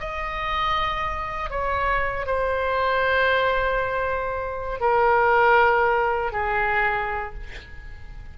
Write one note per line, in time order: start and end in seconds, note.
0.00 1.51 D#5
1.51 2.27 C#5
2.27 4.80 C5
4.80 6.32 A#4
6.32 7.34 G#4